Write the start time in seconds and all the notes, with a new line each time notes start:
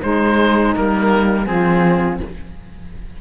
0.00 G#3 D#4 C5
0.76 G3 A#3 A#4
1.46 F3 C4 F4 G#4